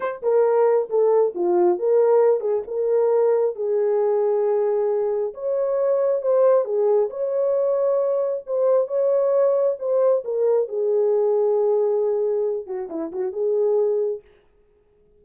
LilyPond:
\new Staff \with { instrumentName = "horn" } { \time 4/4 \tempo 4 = 135 c''8 ais'4. a'4 f'4 | ais'4. gis'8 ais'2 | gis'1 | cis''2 c''4 gis'4 |
cis''2. c''4 | cis''2 c''4 ais'4 | gis'1~ | gis'8 fis'8 e'8 fis'8 gis'2 | }